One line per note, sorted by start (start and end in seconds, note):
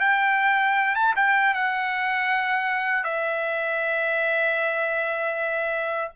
0.00 0.95 G5
0.95 1.14 A5
1.16 1.54 G5
1.54 3.04 F#5
3.04 6.12 E5